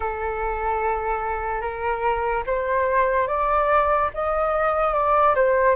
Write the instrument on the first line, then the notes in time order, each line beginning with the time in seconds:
flute
0.00 A4
1.61 A#4
2.46 C5
3.27 D5
4.14 D#5
4.93 D5
5.35 C5